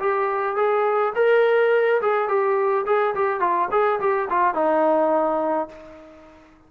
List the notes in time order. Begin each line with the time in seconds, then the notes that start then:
0.00 G4
0.56 G#4
1.15 A#4
2.02 G#4
2.28 G4
2.86 G#4
3.15 G4
3.40 F4
3.71 G#4
4.00 G4
4.30 F4
4.55 D#4